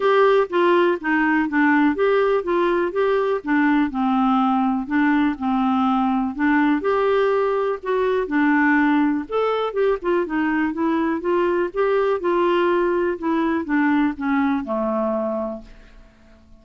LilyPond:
\new Staff \with { instrumentName = "clarinet" } { \time 4/4 \tempo 4 = 123 g'4 f'4 dis'4 d'4 | g'4 f'4 g'4 d'4 | c'2 d'4 c'4~ | c'4 d'4 g'2 |
fis'4 d'2 a'4 | g'8 f'8 dis'4 e'4 f'4 | g'4 f'2 e'4 | d'4 cis'4 a2 | }